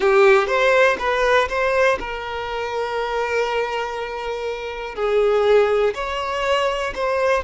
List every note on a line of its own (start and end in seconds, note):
0.00 0.47 G4
0.47 0.96 C5
0.98 1.48 B4
1.48 1.98 C5
1.99 4.95 A#4
4.95 5.94 G#4
5.94 6.93 C#5
6.94 7.44 C5